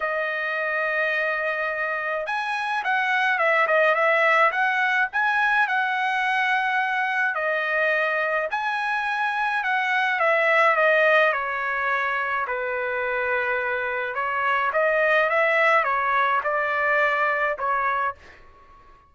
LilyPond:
\new Staff \with { instrumentName = "trumpet" } { \time 4/4 \tempo 4 = 106 dis''1 | gis''4 fis''4 e''8 dis''8 e''4 | fis''4 gis''4 fis''2~ | fis''4 dis''2 gis''4~ |
gis''4 fis''4 e''4 dis''4 | cis''2 b'2~ | b'4 cis''4 dis''4 e''4 | cis''4 d''2 cis''4 | }